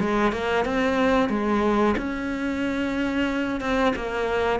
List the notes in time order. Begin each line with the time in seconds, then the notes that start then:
0.00 G#3
0.32 A#3
0.65 C4
1.30 G#3
1.98 C#4
3.61 C4
3.96 A#3